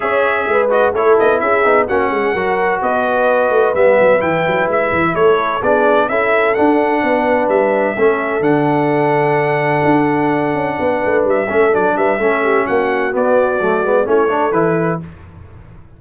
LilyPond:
<<
  \new Staff \with { instrumentName = "trumpet" } { \time 4/4 \tempo 4 = 128 e''4. dis''8 cis''8 dis''8 e''4 | fis''2 dis''2 | e''4 g''4 e''4 cis''4 | d''4 e''4 fis''2 |
e''2 fis''2~ | fis''1 | e''4 d''8 e''4. fis''4 | d''2 cis''4 b'4 | }
  \new Staff \with { instrumentName = "horn" } { \time 4/4 cis''4 b'4 a'4 gis'4 | fis'8 gis'8 ais'4 b'2~ | b'2. a'4 | gis'4 a'2 b'4~ |
b'4 a'2.~ | a'2. b'4~ | b'8 a'4 b'8 a'8 g'8 fis'4~ | fis'2 e'8 a'4. | }
  \new Staff \with { instrumentName = "trombone" } { \time 4/4 gis'4. fis'8 e'4. dis'8 | cis'4 fis'2. | b4 e'2. | d'4 e'4 d'2~ |
d'4 cis'4 d'2~ | d'1~ | d'8 cis'8 d'4 cis'2 | b4 a8 b8 cis'8 d'8 e'4 | }
  \new Staff \with { instrumentName = "tuba" } { \time 4/4 cis'4 gis4 a8 b8 cis'8 b8 | ais8 gis8 fis4 b4. a8 | g8 fis8 e8 fis8 gis8 e8 a4 | b4 cis'4 d'4 b4 |
g4 a4 d2~ | d4 d'4. cis'8 b8 a8 | g8 a8 fis8 g8 a4 ais4 | b4 fis8 gis8 a4 e4 | }
>>